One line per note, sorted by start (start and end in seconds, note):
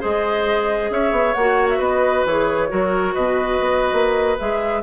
0.00 0.89 G#3
0.00 1.35 G#4
0.00 0.90 C5
0.00 0.91 D#5
0.89 1.11 C#4
0.89 1.78 C#5
0.89 1.34 E5
1.11 1.33 B3
1.34 1.78 A#3
1.34 2.29 F#4
1.34 1.67 F#5
1.69 1.80 E5
1.78 2.23 B3
1.78 2.67 B4
1.78 2.25 D#5
2.25 2.70 E3
2.25 2.68 G#4
2.25 3.14 C#5
2.68 3.15 F#3
2.68 4.36 F#4
2.68 3.14 A#4
3.14 3.60 B2
3.14 4.82 B4
3.14 4.37 D#5
3.60 3.92 B3
3.92 4.37 A#3
4.38 4.82 G#3
4.38 4.82 G#4
4.38 4.82 E5